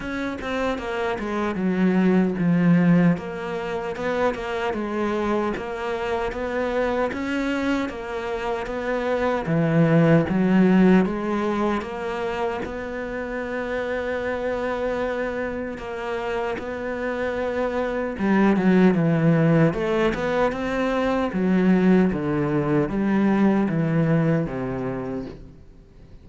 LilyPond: \new Staff \with { instrumentName = "cello" } { \time 4/4 \tempo 4 = 76 cis'8 c'8 ais8 gis8 fis4 f4 | ais4 b8 ais8 gis4 ais4 | b4 cis'4 ais4 b4 | e4 fis4 gis4 ais4 |
b1 | ais4 b2 g8 fis8 | e4 a8 b8 c'4 fis4 | d4 g4 e4 c4 | }